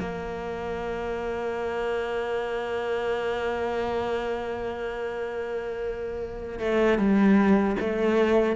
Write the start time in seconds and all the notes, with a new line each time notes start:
0.00 A#3
6.60 A3
6.99 G3
7.80 A3